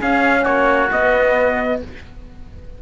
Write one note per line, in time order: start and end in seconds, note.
0.00 0.91 C#4
0.00 0.45 C#4
0.00 0.42 G#4
0.00 0.45 F5
0.42 0.91 A#3
0.42 1.78 F#4
0.42 0.90 C#5
0.92 1.82 B3
0.92 1.82 D#5